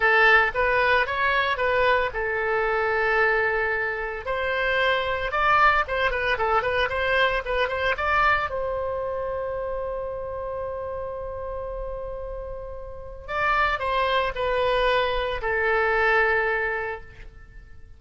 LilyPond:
\new Staff \with { instrumentName = "oboe" } { \time 4/4 \tempo 4 = 113 a'4 b'4 cis''4 b'4 | a'1 | c''2 d''4 c''8 b'8 | a'8 b'8 c''4 b'8 c''8 d''4 |
c''1~ | c''1~ | c''4 d''4 c''4 b'4~ | b'4 a'2. | }